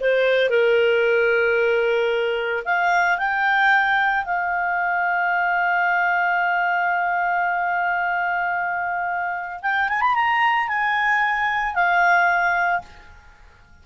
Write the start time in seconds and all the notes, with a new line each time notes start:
0.00 C5
0.49 A#4
2.64 F5
3.18 G5
4.24 F5
9.62 G5
9.88 G#5
10.01 B5
10.14 A#5
10.68 G#5
11.74 F5